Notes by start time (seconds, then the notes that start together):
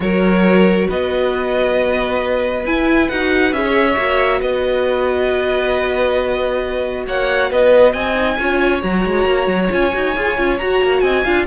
0.00 F#3 F#4 A#4 C#5
0.87 B3 B4 D#5
2.65 E4 G#5
3.09 D#4 F#4 F#5
3.52 C#4 G#4 E5
3.64 C#5
3.96 A#3 F#4
4.40 B3 B4 D#5
7.07 A#3 C#5 F#5
7.50 B3 B4 D#5
7.92 C4 D#5 G#5
8.14 D#4
8.39 C#4 F4 C#5
8.82 F#3 F#4 A#5
9.05 G#3
9.25 A#3
9.46 F#3
9.69 C#4 F4 G#5
9.92 D#4 F#4
10.15 F4 G#4
10.37 C#4 F4
10.58 F#4 A#5
10.82 A#3
11.00 C4 D#5 G#5
11.23 D4 F4 F5